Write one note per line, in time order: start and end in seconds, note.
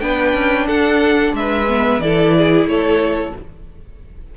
0.00 0.34 B3
0.00 1.67 D4
0.00 0.67 B4
0.00 0.67 G5
0.34 0.67 C#4
0.67 1.33 D4
0.67 1.34 A4
0.67 1.34 F#5
1.33 1.99 G#3
1.33 2.04 B4
1.33 2.00 E5
1.69 2.02 B3
1.99 2.66 E3
1.99 3.35 E4
1.99 2.37 A4
1.99 2.67 D5
2.38 2.70 G#4
2.66 3.32 A3
2.66 3.37 A4
2.66 3.35 C#5